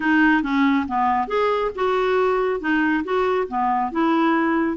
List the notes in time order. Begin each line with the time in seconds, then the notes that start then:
0.00 D#4
0.42 C#4
0.87 B3
1.27 G#4
1.75 F#4
2.60 D#4
3.04 F#4
3.48 B3
3.91 E4